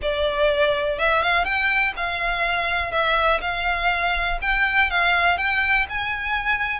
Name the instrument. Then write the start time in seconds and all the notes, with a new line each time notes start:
violin
0.01 D5
0.98 E5
1.22 F5
1.44 G5
1.96 F5
2.91 E5
3.41 F5
4.41 G5
4.90 F5
5.37 G5
5.89 G#5